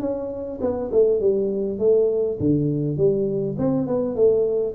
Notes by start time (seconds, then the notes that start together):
0.00 C#4
0.61 B3
0.92 A3
1.20 G3
1.78 A3
2.40 D3
2.97 G3
3.58 C4
3.87 B3
4.15 A3